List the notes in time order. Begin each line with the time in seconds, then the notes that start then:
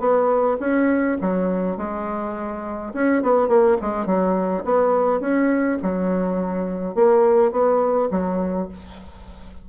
0.00 B3
0.60 C#4
1.21 F#3
1.78 G#3
2.94 C#4
3.23 B3
3.48 A#3
3.81 G#3
4.06 F#3
4.65 B3
5.21 C#4
5.82 F#3
6.95 A#3
7.52 B3
8.11 F#3